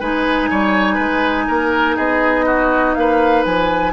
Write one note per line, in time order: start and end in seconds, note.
0.00 0.50 G#3
0.00 3.93 D#4
0.00 0.49 B4
0.00 1.97 G#5
0.51 0.98 G3
0.51 0.94 C#5
0.94 1.48 G#3
0.94 1.44 B4
1.48 1.97 A#3
1.48 1.96 A#4
1.96 2.96 B3
1.96 2.45 G#4
1.96 2.94 D#5
2.46 2.95 F#4
2.94 3.45 A#3
2.94 3.93 B4
2.94 3.43 F5
3.45 3.93 F3
3.45 3.93 G#5